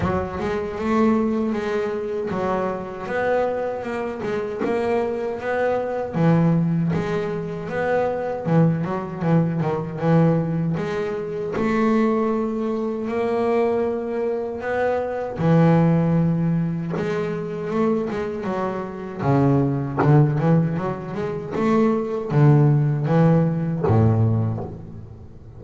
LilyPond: \new Staff \with { instrumentName = "double bass" } { \time 4/4 \tempo 4 = 78 fis8 gis8 a4 gis4 fis4 | b4 ais8 gis8 ais4 b4 | e4 gis4 b4 e8 fis8 | e8 dis8 e4 gis4 a4~ |
a4 ais2 b4 | e2 gis4 a8 gis8 | fis4 cis4 d8 e8 fis8 gis8 | a4 d4 e4 a,4 | }